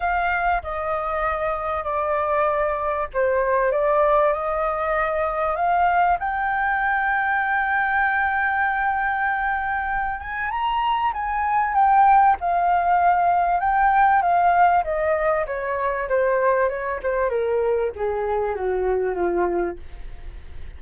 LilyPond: \new Staff \with { instrumentName = "flute" } { \time 4/4 \tempo 4 = 97 f''4 dis''2 d''4~ | d''4 c''4 d''4 dis''4~ | dis''4 f''4 g''2~ | g''1~ |
g''8 gis''8 ais''4 gis''4 g''4 | f''2 g''4 f''4 | dis''4 cis''4 c''4 cis''8 c''8 | ais'4 gis'4 fis'4 f'4 | }